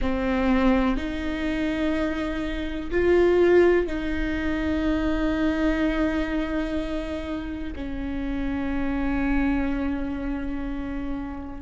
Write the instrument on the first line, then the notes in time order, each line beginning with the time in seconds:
viola
0.00 C4
0.97 D#4
2.90 F4
3.86 D#4
7.75 C#4